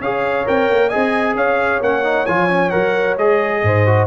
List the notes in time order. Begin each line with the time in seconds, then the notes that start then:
0.00 C#4 G#4 C#5 F5
0.45 C4 A#4 G5
0.70 A#3
0.89 G#4 D#5 G#5
0.95 C4
1.35 C#4 C#5 F5
1.81 A#3 C#4 F#5
2.03 D#4
2.26 F3 F4 G#5
2.49 C#4
2.70 F#3 A#4 F#5
3.17 G#3 G#4 D#5
3.62 G#2 C5
3.86 F#4